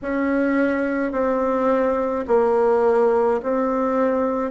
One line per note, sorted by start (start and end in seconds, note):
0.02 1.12 C#4
1.12 2.25 C4
2.27 3.41 A#3
3.43 4.51 C4